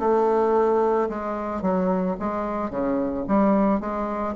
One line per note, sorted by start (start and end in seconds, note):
0.00 1.09 A3
1.09 1.62 G#3
1.62 2.17 F#3
2.20 2.71 G#3
2.71 3.25 C#3
3.28 3.81 G3
3.81 4.35 G#3